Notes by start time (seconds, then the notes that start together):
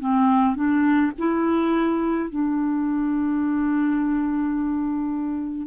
0.00 C4
0.56 D4
1.19 E4
2.31 D4